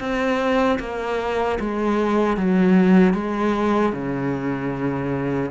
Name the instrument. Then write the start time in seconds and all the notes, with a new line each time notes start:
cello
0.00 C4
0.80 A#3
1.60 G#3
2.37 F#3
3.14 G#3
3.93 C#3